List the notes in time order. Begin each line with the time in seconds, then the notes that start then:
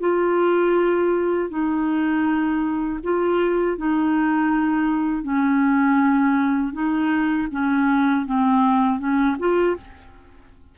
0.00 F4
1.50 D#4
3.03 F4
3.78 D#4
5.23 C#4
6.73 D#4
7.51 C#4
8.26 C4
8.99 C#4
9.39 F4